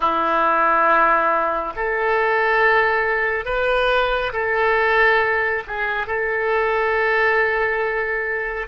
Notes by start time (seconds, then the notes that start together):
0.00 E4
1.75 A4
3.45 B4
4.32 A4
5.67 G#4
6.06 A4